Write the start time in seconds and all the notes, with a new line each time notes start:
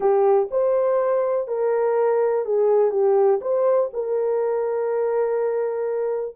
0.00 G4
0.50 C5
1.47 A#4
2.45 G#4
2.91 G4
3.41 C5
3.93 A#4